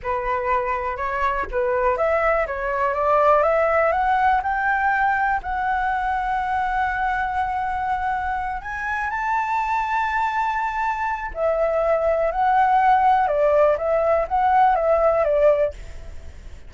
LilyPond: \new Staff \with { instrumentName = "flute" } { \time 4/4 \tempo 4 = 122 b'2 cis''4 b'4 | e''4 cis''4 d''4 e''4 | fis''4 g''2 fis''4~ | fis''1~ |
fis''4. gis''4 a''4.~ | a''2. e''4~ | e''4 fis''2 d''4 | e''4 fis''4 e''4 d''4 | }